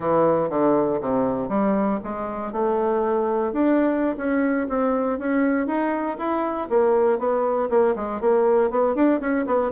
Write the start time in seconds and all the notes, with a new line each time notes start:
0.00 E3
0.49 D3
1.00 C3
1.48 G3
2.03 G#3
2.52 A3
3.52 D4
4.17 C#4
4.68 C4
5.18 C#4
5.67 D#4
6.18 E4
6.69 A#3
7.18 B3
7.69 A#3
7.95 G#3
8.20 A#3
8.70 B3
8.95 D4
9.20 C#4
9.46 B3